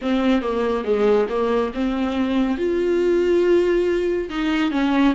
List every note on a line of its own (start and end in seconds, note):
0.01 0.41 C4
0.41 0.84 A#3
0.84 1.27 G#3
1.29 1.72 A#3
1.74 2.57 C4
2.57 4.29 F4
4.29 4.71 D#4
4.71 5.14 C#4